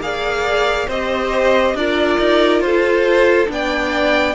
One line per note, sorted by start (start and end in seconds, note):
0.00 0.87 A#3
0.00 0.89 G#4
0.00 0.87 D5
0.00 0.89 F5
0.87 1.74 C4
0.87 1.77 G4
0.87 1.74 C5
0.87 1.76 D#5
1.74 2.18 D4
1.74 3.47 F4
1.74 2.65 A#4
1.74 2.60 D5
2.19 2.60 D#4
2.60 3.47 F4
2.60 3.52 A4
2.60 3.47 C5
3.47 4.35 B3
3.47 4.34 D4
3.47 4.35 D5
3.47 4.35 G5